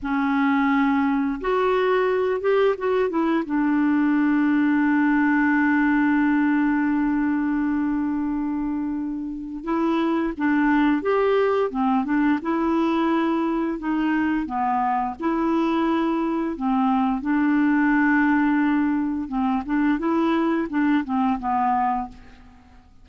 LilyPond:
\new Staff \with { instrumentName = "clarinet" } { \time 4/4 \tempo 4 = 87 cis'2 fis'4. g'8 | fis'8 e'8 d'2.~ | d'1~ | d'2 e'4 d'4 |
g'4 c'8 d'8 e'2 | dis'4 b4 e'2 | c'4 d'2. | c'8 d'8 e'4 d'8 c'8 b4 | }